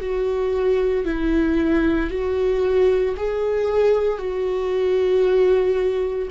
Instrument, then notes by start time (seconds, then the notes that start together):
viola
0.00 F#4
1.05 E4
2.10 F#4
3.16 G#4
4.18 F#4